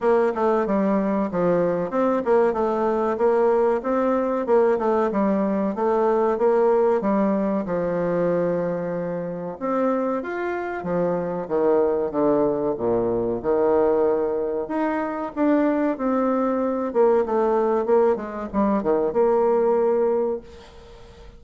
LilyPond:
\new Staff \with { instrumentName = "bassoon" } { \time 4/4 \tempo 4 = 94 ais8 a8 g4 f4 c'8 ais8 | a4 ais4 c'4 ais8 a8 | g4 a4 ais4 g4 | f2. c'4 |
f'4 f4 dis4 d4 | ais,4 dis2 dis'4 | d'4 c'4. ais8 a4 | ais8 gis8 g8 dis8 ais2 | }